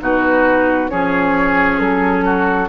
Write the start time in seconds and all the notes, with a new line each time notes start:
0.00 B2 D#4 F#4 B4
0.90 F3 C#4 G#4 C#5
1.79 F#3 A4
2.25 F#4